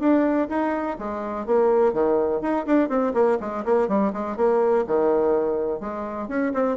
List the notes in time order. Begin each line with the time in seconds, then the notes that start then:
0.00 D4
0.49 D#4
0.99 G#3
1.46 A#3
1.93 D#3
2.41 D#4
2.66 D4
2.89 C4
3.14 A#3
3.40 G#3
3.65 A#3
3.88 G3
4.13 G#3
4.36 A#3
4.87 D#3
5.80 G#3
6.28 C#4
6.54 C4